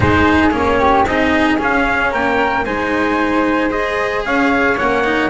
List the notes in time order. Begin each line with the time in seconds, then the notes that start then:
0.00 G#3 D#4 G#4 C5
0.51 A#3 C#4 C#5
0.80 G4
1.04 C4 D#4 G#4 D#5
1.58 C#4 F5
2.11 A#3 A#4 G5
2.65 G#3 D#4 C5 G#5
3.70 G#4 D#5
4.25 C#4 C#5 F5
4.77 A#3 C#4 F#5
5.04 D#4